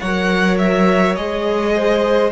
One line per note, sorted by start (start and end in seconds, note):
0.00 1.17 F#3
0.00 1.17 A#4
0.00 1.74 C#5
0.00 0.58 F#5
0.59 1.16 E5
1.16 2.32 G#3
1.16 2.32 G#4
1.16 2.31 D#5
1.76 2.32 C5